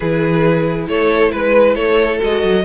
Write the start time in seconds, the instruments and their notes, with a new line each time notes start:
0.00 cello E3, viola E4, violin G#4 B4
0.87 cello A3, violin A4 C#5
1.31 cello G#3, violin B4
1.75 cello A3, violin A4 C#5
2.19 cello G#3, viola F#4, violin D#5
2.43 cello F#3